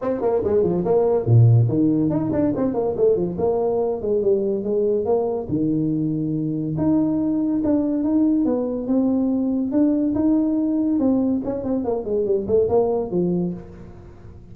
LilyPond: \new Staff \with { instrumentName = "tuba" } { \time 4/4 \tempo 4 = 142 c'8 ais8 gis8 f8 ais4 ais,4 | dis4 dis'8 d'8 c'8 ais8 a8 f8 | ais4. gis8 g4 gis4 | ais4 dis2. |
dis'2 d'4 dis'4 | b4 c'2 d'4 | dis'2 c'4 cis'8 c'8 | ais8 gis8 g8 a8 ais4 f4 | }